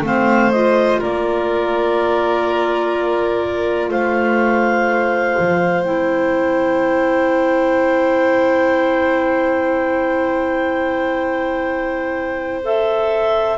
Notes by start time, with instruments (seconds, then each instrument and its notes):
0.00 double bass A3, clarinet C4 F5
0.06 violin C5
0.51 clarinet F4 D#5
1.00 double bass A#3, violin A#4, clarinet D5
3.89 double bass A3, violin C5, clarinet F5
5.39 double bass F3
5.83 double bass C4, clarinet E4 G5
12.63 clarinet A4 E5